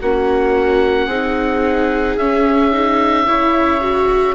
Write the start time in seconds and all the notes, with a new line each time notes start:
0.00 A#3 C#4 F#4 F#5
1.07 C4 D#4 G#4
2.17 C#4 E5
2.72 D#4
3.27 C#3 E4 C#5
3.81 F#4